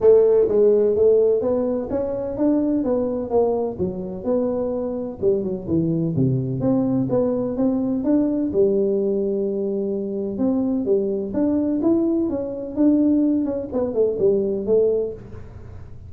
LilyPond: \new Staff \with { instrumentName = "tuba" } { \time 4/4 \tempo 4 = 127 a4 gis4 a4 b4 | cis'4 d'4 b4 ais4 | fis4 b2 g8 fis8 | e4 c4 c'4 b4 |
c'4 d'4 g2~ | g2 c'4 g4 | d'4 e'4 cis'4 d'4~ | d'8 cis'8 b8 a8 g4 a4 | }